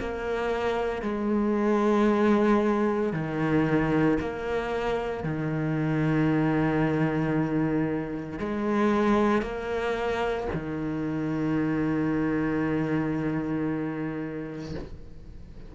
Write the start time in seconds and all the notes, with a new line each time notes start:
0.00 A#3
1.02 G#3
3.13 D#3
4.20 A#3
5.23 D#3
8.39 G#3
9.42 A#3
10.54 D#3